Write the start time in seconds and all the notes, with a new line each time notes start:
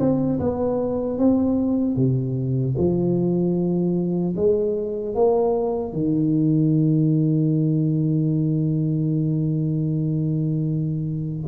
0.00 C4
0.40 B3
1.18 C4
1.96 C3
2.78 F3
4.36 G#3
5.15 A#3
5.93 D#3